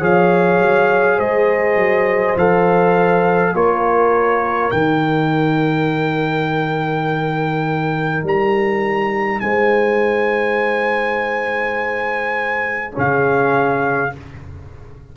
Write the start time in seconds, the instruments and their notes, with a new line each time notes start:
0.00 tuba F3, trombone G#4, horn C#5, trumpet F5
0.59 tuba F#3
1.17 tuba G#3, horn C5, trumpet D#5
1.75 tuba F#3
2.36 tuba F3, trombone A4, trumpet F5
3.52 tuba A#3, trombone F4, horn A#4, trumpet C#5
4.70 tuba D#3, trombone D#4, trumpet G5
8.23 tuba G3, trumpet A#5
9.39 tuba G#3, horn C5, trumpet G#5
12.92 tuba C#3, trombone C#4, horn G#4
12.98 trumpet F5